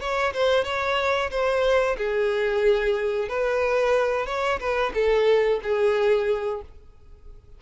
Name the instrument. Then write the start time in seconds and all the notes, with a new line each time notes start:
violin
0.00 C#5
0.34 C5
0.64 C#5
1.31 C5
1.98 G#4
3.29 B4
4.26 C#5
4.60 B4
4.94 A4
5.63 G#4